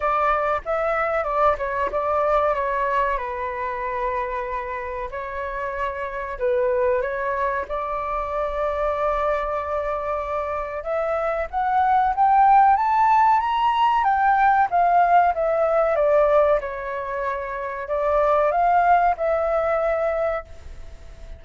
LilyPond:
\new Staff \with { instrumentName = "flute" } { \time 4/4 \tempo 4 = 94 d''4 e''4 d''8 cis''8 d''4 | cis''4 b'2. | cis''2 b'4 cis''4 | d''1~ |
d''4 e''4 fis''4 g''4 | a''4 ais''4 g''4 f''4 | e''4 d''4 cis''2 | d''4 f''4 e''2 | }